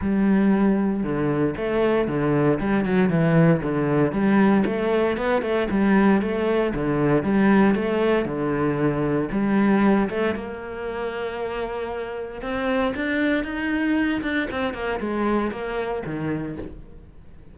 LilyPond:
\new Staff \with { instrumentName = "cello" } { \time 4/4 \tempo 4 = 116 g2 d4 a4 | d4 g8 fis8 e4 d4 | g4 a4 b8 a8 g4 | a4 d4 g4 a4 |
d2 g4. a8 | ais1 | c'4 d'4 dis'4. d'8 | c'8 ais8 gis4 ais4 dis4 | }